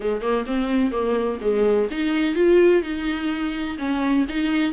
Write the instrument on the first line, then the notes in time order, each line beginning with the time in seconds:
viola
0.00 G#3
0.21 A#3
0.46 C4
0.91 A#3
1.41 G#3
1.90 D#4
2.35 F4
2.82 D#4
3.78 C#4
4.28 D#4